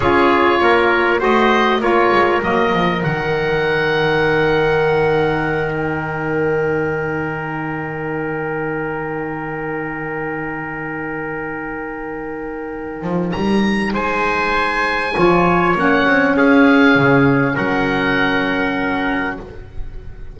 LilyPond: <<
  \new Staff \with { instrumentName = "oboe" } { \time 4/4 \tempo 4 = 99 cis''2 dis''4 cis''4 | dis''4 fis''2.~ | fis''4. g''2~ g''8~ | g''1~ |
g''1~ | g''2 ais''4 gis''4~ | gis''2 fis''4 f''4~ | f''4 fis''2. | }
  \new Staff \with { instrumentName = "trumpet" } { \time 4/4 gis'4 ais'4 c''4 ais'4~ | ais'1~ | ais'1~ | ais'1~ |
ais'1~ | ais'2. c''4~ | c''4 cis''2 gis'4~ | gis'4 ais'2. | }
  \new Staff \with { instrumentName = "saxophone" } { \time 4/4 f'2 fis'4 f'4 | ais4 dis'2.~ | dis'1~ | dis'1~ |
dis'1~ | dis'1~ | dis'4 f'4 cis'2~ | cis'1 | }
  \new Staff \with { instrumentName = "double bass" } { \time 4/4 cis'4 ais4 a4 ais8 gis8 | fis8 f8 dis2.~ | dis1~ | dis1~ |
dis1~ | dis4. f8 g4 gis4~ | gis4 f4 ais8 c'8 cis'4 | cis4 fis2. | }
>>